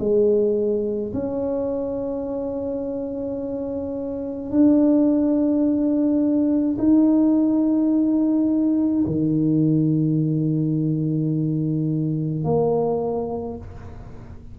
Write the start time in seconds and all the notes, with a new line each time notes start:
0.00 G#3
1.14 C#4
4.51 D4
6.79 D#4
9.07 D#3
12.44 A#3